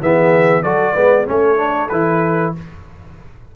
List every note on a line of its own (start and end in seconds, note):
0.00 0.63 E3
0.00 0.63 B3
0.00 0.62 G#4
0.00 0.62 E5
0.62 0.95 F#3
0.62 0.95 F#4
0.62 0.93 A4
0.62 1.26 D5
0.93 1.27 G#3
0.93 1.25 B3
0.93 1.24 B4
1.25 1.91 A3
1.25 1.56 C#4
1.25 2.55 A4
1.25 1.88 C#5
1.56 1.88 D4
1.88 2.54 E3
1.88 2.55 E4
1.88 2.51 B4